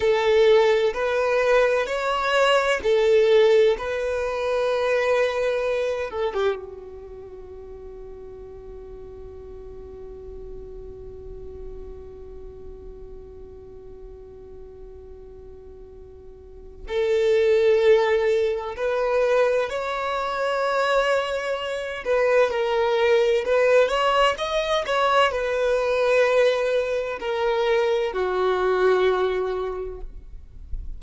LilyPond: \new Staff \with { instrumentName = "violin" } { \time 4/4 \tempo 4 = 64 a'4 b'4 cis''4 a'4 | b'2~ b'8 a'16 g'16 fis'4~ | fis'1~ | fis'1~ |
fis'2 a'2 | b'4 cis''2~ cis''8 b'8 | ais'4 b'8 cis''8 dis''8 cis''8 b'4~ | b'4 ais'4 fis'2 | }